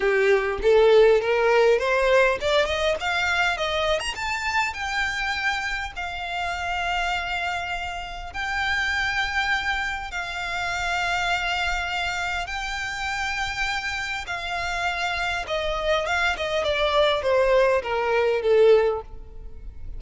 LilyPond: \new Staff \with { instrumentName = "violin" } { \time 4/4 \tempo 4 = 101 g'4 a'4 ais'4 c''4 | d''8 dis''8 f''4 dis''8. ais''16 a''4 | g''2 f''2~ | f''2 g''2~ |
g''4 f''2.~ | f''4 g''2. | f''2 dis''4 f''8 dis''8 | d''4 c''4 ais'4 a'4 | }